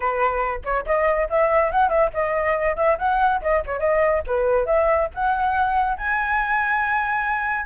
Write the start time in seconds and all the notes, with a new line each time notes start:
0.00 B4
0.64 C#5
0.85 D#5
1.29 E5
1.71 F#5
1.89 E5
2.13 D#5
2.76 E5
2.98 F#5
3.41 D#5
3.65 C#5
3.79 D#5
4.26 B4
4.65 E5
5.14 F#5
5.97 G#5